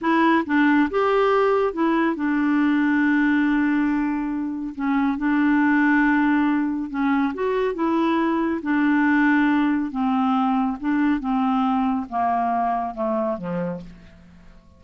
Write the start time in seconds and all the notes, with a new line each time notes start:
0.01 E4
0.46 D4
0.90 G4
1.73 E4
2.15 D4
4.75 C#4
5.17 D4
6.89 C#4
7.34 F#4
7.74 E4
8.62 D4
9.91 C4
10.80 D4
11.20 C4
12.09 A#3
12.94 A3
13.37 F3